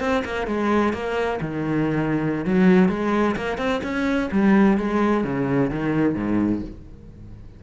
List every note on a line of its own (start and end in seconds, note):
0.00 0.23 C4
0.25 0.47 A#3
0.47 0.93 G#3
0.93 1.40 A#3
1.41 2.45 D#3
2.45 2.89 F#3
2.89 3.36 G#3
3.36 3.58 A#3
3.58 3.81 C4
3.83 4.30 C#4
4.32 4.78 G3
4.78 5.24 G#3
5.24 5.70 C#3
5.70 6.15 D#3
6.15 6.62 G#2